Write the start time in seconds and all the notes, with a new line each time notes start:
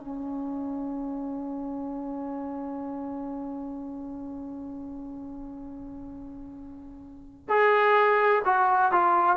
0.00 C#4
7.49 G#4
8.45 F#4
8.92 F4